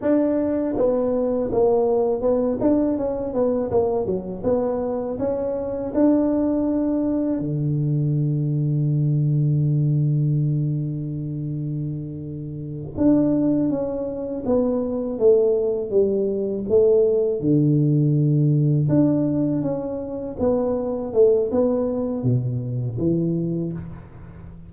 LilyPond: \new Staff \with { instrumentName = "tuba" } { \time 4/4 \tempo 4 = 81 d'4 b4 ais4 b8 d'8 | cis'8 b8 ais8 fis8 b4 cis'4 | d'2 d2~ | d1~ |
d4. d'4 cis'4 b8~ | b8 a4 g4 a4 d8~ | d4. d'4 cis'4 b8~ | b8 a8 b4 b,4 e4 | }